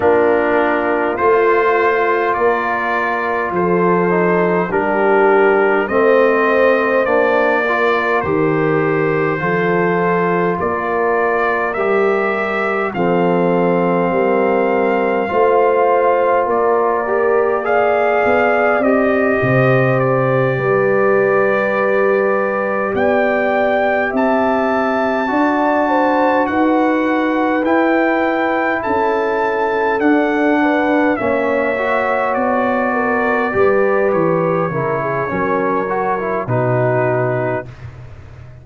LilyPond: <<
  \new Staff \with { instrumentName = "trumpet" } { \time 4/4 \tempo 4 = 51 ais'4 c''4 d''4 c''4 | ais'4 dis''4 d''4 c''4~ | c''4 d''4 e''4 f''4~ | f''2 d''4 f''4 |
dis''4 d''2~ d''8 g''8~ | g''8 a''2 fis''4 g''8~ | g''8 a''4 fis''4 e''4 d''8~ | d''4 cis''2 b'4 | }
  \new Staff \with { instrumentName = "horn" } { \time 4/4 f'2 ais'4 a'4 | g'4 c''4. ais'4. | a'4 ais'2 a'4 | ais'4 c''4 ais'4 d''4~ |
d''8 c''4 b'2 d''8~ | d''8 e''4 d''8 c''8 b'4.~ | b'8 a'4. b'8 cis''4. | ais'8 b'4 ais'16 gis'16 ais'4 fis'4 | }
  \new Staff \with { instrumentName = "trombone" } { \time 4/4 d'4 f'2~ f'8 dis'8 | d'4 c'4 d'8 f'8 g'4 | f'2 g'4 c'4~ | c'4 f'4. g'8 gis'4 |
g'1~ | g'4. fis'2 e'8~ | e'4. d'4 cis'8 fis'4~ | fis'8 g'4 e'8 cis'8 fis'16 e'16 dis'4 | }
  \new Staff \with { instrumentName = "tuba" } { \time 4/4 ais4 a4 ais4 f4 | g4 a4 ais4 dis4 | f4 ais4 g4 f4 | g4 a4 ais4. b8 |
c'8 c4 g2 b8~ | b8 c'4 d'4 dis'4 e'8~ | e'8 cis'4 d'4 ais4 b8~ | b8 g8 e8 cis8 fis4 b,4 | }
>>